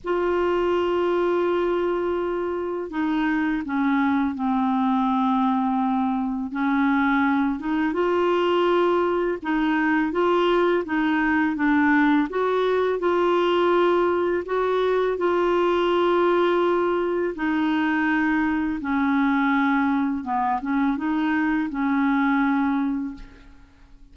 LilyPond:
\new Staff \with { instrumentName = "clarinet" } { \time 4/4 \tempo 4 = 83 f'1 | dis'4 cis'4 c'2~ | c'4 cis'4. dis'8 f'4~ | f'4 dis'4 f'4 dis'4 |
d'4 fis'4 f'2 | fis'4 f'2. | dis'2 cis'2 | b8 cis'8 dis'4 cis'2 | }